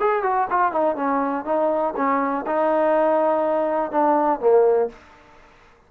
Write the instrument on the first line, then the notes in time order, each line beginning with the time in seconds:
trombone
0.00 G#4
0.23 F#4
0.50 F4
0.72 D#4
0.96 C#4
1.45 D#4
1.96 C#4
2.47 D#4
3.91 D4
4.40 A#3